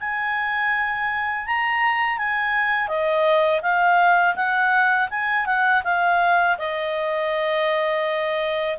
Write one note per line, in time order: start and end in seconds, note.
0.00 1.46 G#5
1.46 2.18 A#5
2.18 2.88 G#5
2.88 3.61 D#5
3.62 4.35 F5
4.35 5.09 F#5
5.10 5.46 G#5
5.46 5.82 F#5
5.84 6.57 F5
6.58 8.77 D#5